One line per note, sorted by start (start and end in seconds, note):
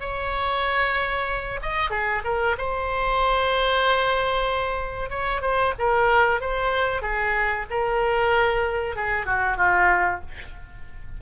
0.00 1.60 C#5
1.62 1.90 D#5
1.90 2.22 G#4
2.24 2.56 A#4
2.58 5.09 C5
5.09 5.41 C#5
5.41 5.73 C5
5.78 6.40 A#4
6.40 7.02 C5
7.02 7.65 G#4
7.70 8.95 A#4
8.95 9.26 G#4
9.26 9.57 F#4
9.57 10.20 F4